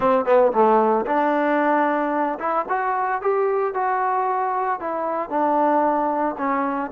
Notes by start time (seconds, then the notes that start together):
0.00 C4
0.25 B3
0.52 A3
1.05 D4
2.39 E4
2.68 F#4
3.21 G4
3.74 F#4
4.79 E4
5.29 D4
6.37 C#4